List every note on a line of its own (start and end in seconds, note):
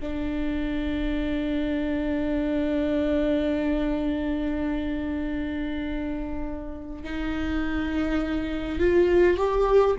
0.00 7.04 D4
7.04 8.79 D#4
8.79 9.37 F4
9.37 9.96 G4